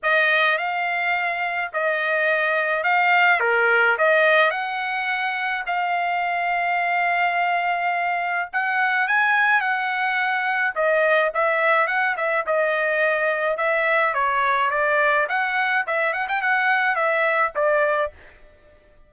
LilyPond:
\new Staff \with { instrumentName = "trumpet" } { \time 4/4 \tempo 4 = 106 dis''4 f''2 dis''4~ | dis''4 f''4 ais'4 dis''4 | fis''2 f''2~ | f''2. fis''4 |
gis''4 fis''2 dis''4 | e''4 fis''8 e''8 dis''2 | e''4 cis''4 d''4 fis''4 | e''8 fis''16 g''16 fis''4 e''4 d''4 | }